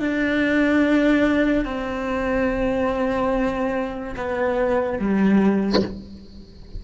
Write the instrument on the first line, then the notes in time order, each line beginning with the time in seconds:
cello
0.00 D4
1.66 C4
4.16 B3
4.99 G3